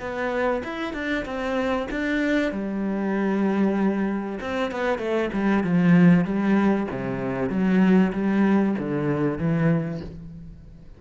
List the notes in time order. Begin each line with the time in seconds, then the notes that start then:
0.00 B3
0.64 E4
0.93 D4
1.25 C4
1.91 D4
2.52 G3
4.41 C4
4.71 B3
4.99 A3
5.33 G3
5.64 F3
6.25 G3
6.91 C3
7.50 F#3
8.13 G3
8.79 D3
9.38 E3